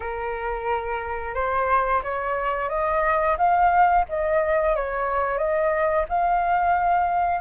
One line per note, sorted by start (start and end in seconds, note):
0.00 1.34 A#4
1.34 2.01 C5
2.03 2.69 C#5
2.69 3.36 D#5
3.37 4.05 F5
4.08 4.75 D#5
4.75 5.37 C#5
5.37 6.05 D#5
6.09 7.40 F5